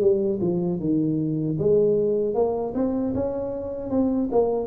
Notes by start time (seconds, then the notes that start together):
0.00 G3
0.40 F3
0.79 D#3
1.59 G#3
2.34 A#3
2.74 C4
3.14 C#4
3.90 C4
4.31 A#3